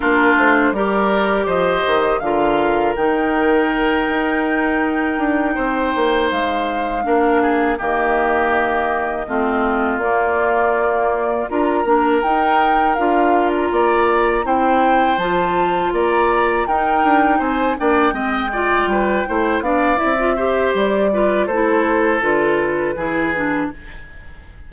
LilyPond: <<
  \new Staff \with { instrumentName = "flute" } { \time 4/4 \tempo 4 = 81 ais'8 c''8 d''4 dis''4 f''4 | g''1~ | g''8 f''2 dis''4.~ | dis''4. d''2 ais''8~ |
ais''8 g''4 f''8. ais''4~ ais''16 g''8~ | g''8 a''4 ais''4 g''4 gis''8 | g''2~ g''8 f''8 e''4 | d''4 c''4 b'2 | }
  \new Staff \with { instrumentName = "oboe" } { \time 4/4 f'4 ais'4 c''4 ais'4~ | ais'2.~ ais'8 c''8~ | c''4. ais'8 gis'8 g'4.~ | g'8 f'2. ais'8~ |
ais'2~ ais'8 d''4 c''8~ | c''4. d''4 ais'4 c''8 | d''8 dis''8 d''8 b'8 c''8 d''4 c''8~ | c''8 b'8 a'2 gis'4 | }
  \new Staff \with { instrumentName = "clarinet" } { \time 4/4 d'4 g'2 f'4 | dis'1~ | dis'4. d'4 ais4.~ | ais8 c'4 ais2 f'8 |
d'8 dis'4 f'2 e'8~ | e'8 f'2 dis'4. | d'8 c'8 f'4 e'8 d'8 e'16 f'16 g'8~ | g'8 f'8 e'4 f'4 e'8 d'8 | }
  \new Staff \with { instrumentName = "bassoon" } { \time 4/4 ais8 a8 g4 f8 dis8 d4 | dis4. dis'4. d'8 c'8 | ais8 gis4 ais4 dis4.~ | dis8 a4 ais2 d'8 |
ais8 dis'4 d'4 ais4 c'8~ | c'8 f4 ais4 dis'8 d'8 c'8 | ais8 gis4 g8 a8 b8 c'4 | g4 a4 d4 e4 | }
>>